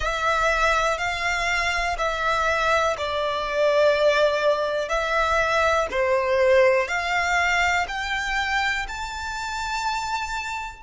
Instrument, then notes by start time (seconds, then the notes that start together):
violin
0.00 E5
0.98 F5
1.98 E5
2.97 D5
4.89 E5
5.91 C5
6.88 F5
7.87 G5
8.88 A5